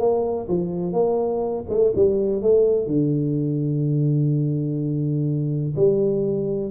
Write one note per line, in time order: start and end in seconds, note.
0.00 0.48 A#3
0.49 0.93 F3
0.93 1.65 A#3
1.70 1.94 A3
1.96 2.42 G3
2.42 2.88 A3
2.88 5.76 D3
5.77 6.71 G3